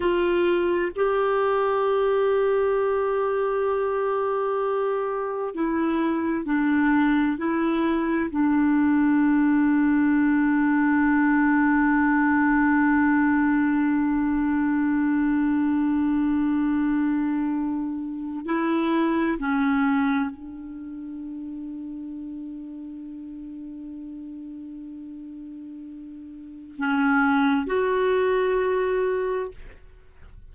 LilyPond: \new Staff \with { instrumentName = "clarinet" } { \time 4/4 \tempo 4 = 65 f'4 g'2.~ | g'2 e'4 d'4 | e'4 d'2.~ | d'1~ |
d'1 | e'4 cis'4 d'2~ | d'1~ | d'4 cis'4 fis'2 | }